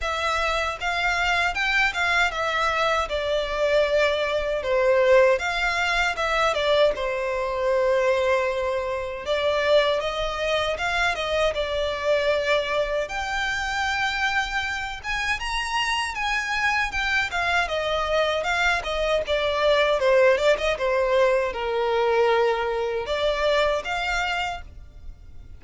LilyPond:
\new Staff \with { instrumentName = "violin" } { \time 4/4 \tempo 4 = 78 e''4 f''4 g''8 f''8 e''4 | d''2 c''4 f''4 | e''8 d''8 c''2. | d''4 dis''4 f''8 dis''8 d''4~ |
d''4 g''2~ g''8 gis''8 | ais''4 gis''4 g''8 f''8 dis''4 | f''8 dis''8 d''4 c''8 d''16 dis''16 c''4 | ais'2 d''4 f''4 | }